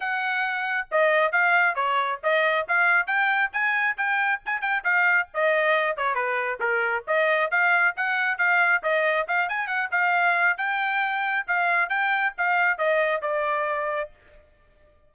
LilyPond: \new Staff \with { instrumentName = "trumpet" } { \time 4/4 \tempo 4 = 136 fis''2 dis''4 f''4 | cis''4 dis''4 f''4 g''4 | gis''4 g''4 gis''8 g''8 f''4 | dis''4. cis''8 b'4 ais'4 |
dis''4 f''4 fis''4 f''4 | dis''4 f''8 gis''8 fis''8 f''4. | g''2 f''4 g''4 | f''4 dis''4 d''2 | }